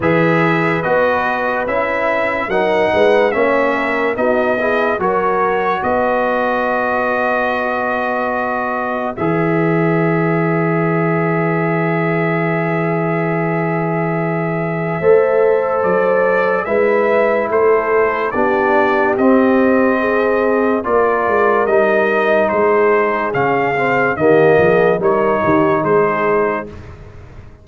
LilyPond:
<<
  \new Staff \with { instrumentName = "trumpet" } { \time 4/4 \tempo 4 = 72 e''4 dis''4 e''4 fis''4 | e''4 dis''4 cis''4 dis''4~ | dis''2. e''4~ | e''1~ |
e''2. d''4 | e''4 c''4 d''4 dis''4~ | dis''4 d''4 dis''4 c''4 | f''4 dis''4 cis''4 c''4 | }
  \new Staff \with { instrumentName = "horn" } { \time 4/4 b'2. ais'8 b'8 | cis''8 ais'8 fis'8 gis'8 ais'4 b'4~ | b'1~ | b'1~ |
b'2 c''2 | b'4 a'4 g'2 | gis'4 ais'2 gis'4~ | gis'4 g'8 gis'8 ais'8 g'8 gis'4 | }
  \new Staff \with { instrumentName = "trombone" } { \time 4/4 gis'4 fis'4 e'4 dis'4 | cis'4 dis'8 e'8 fis'2~ | fis'2. gis'4~ | gis'1~ |
gis'2 a'2 | e'2 d'4 c'4~ | c'4 f'4 dis'2 | cis'8 c'8 ais4 dis'2 | }
  \new Staff \with { instrumentName = "tuba" } { \time 4/4 e4 b4 cis'4 fis8 gis8 | ais4 b4 fis4 b4~ | b2. e4~ | e1~ |
e2 a4 fis4 | gis4 a4 b4 c'4~ | c'4 ais8 gis8 g4 gis4 | cis4 dis8 f8 g8 dis8 gis4 | }
>>